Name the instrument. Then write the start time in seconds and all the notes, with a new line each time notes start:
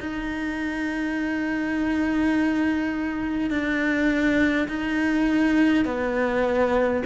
cello
0.00 D#4
3.50 D4
4.68 D#4
5.84 B3